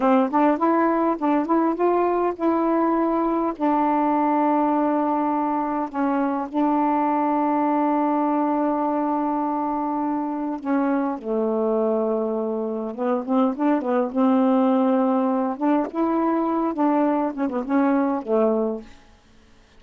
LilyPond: \new Staff \with { instrumentName = "saxophone" } { \time 4/4 \tempo 4 = 102 c'8 d'8 e'4 d'8 e'8 f'4 | e'2 d'2~ | d'2 cis'4 d'4~ | d'1~ |
d'2 cis'4 a4~ | a2 b8 c'8 d'8 b8 | c'2~ c'8 d'8 e'4~ | e'8 d'4 cis'16 b16 cis'4 a4 | }